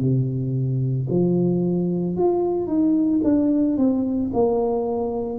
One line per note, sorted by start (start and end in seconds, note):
0.00 1.07 C3
1.10 2.16 F3
2.16 2.67 F4
2.67 3.20 D#4
3.23 3.77 D4
3.77 4.31 C4
4.33 5.39 A#3